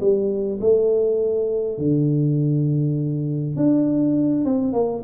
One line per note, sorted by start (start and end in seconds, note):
0.00 0.59 G3
0.60 1.77 A3
1.77 3.55 D3
3.55 4.44 D4
4.44 4.72 C4
4.72 5.02 A#3